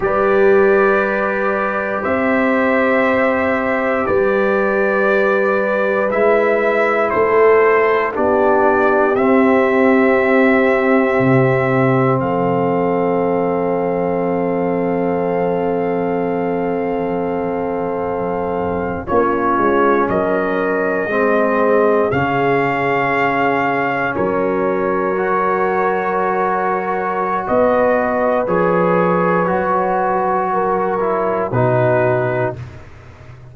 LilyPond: <<
  \new Staff \with { instrumentName = "trumpet" } { \time 4/4 \tempo 4 = 59 d''2 e''2 | d''2 e''4 c''4 | d''4 e''2. | f''1~ |
f''2~ f''8. cis''4 dis''16~ | dis''4.~ dis''16 f''2 cis''16~ | cis''2. dis''4 | cis''2. b'4 | }
  \new Staff \with { instrumentName = "horn" } { \time 4/4 b'2 c''2 | b'2. a'4 | g'1 | a'1~ |
a'2~ a'8. f'4 ais'16~ | ais'8. gis'2. ais'16~ | ais'2. b'4~ | b'2 ais'4 fis'4 | }
  \new Staff \with { instrumentName = "trombone" } { \time 4/4 g'1~ | g'2 e'2 | d'4 c'2.~ | c'1~ |
c'2~ c'8. cis'4~ cis'16~ | cis'8. c'4 cis'2~ cis'16~ | cis'8. fis'2.~ fis'16 | gis'4 fis'4. e'8 dis'4 | }
  \new Staff \with { instrumentName = "tuba" } { \time 4/4 g2 c'2 | g2 gis4 a4 | b4 c'2 c4 | f1~ |
f2~ f8. ais8 gis8 fis16~ | fis8. gis4 cis2 fis16~ | fis2. b4 | f4 fis2 b,4 | }
>>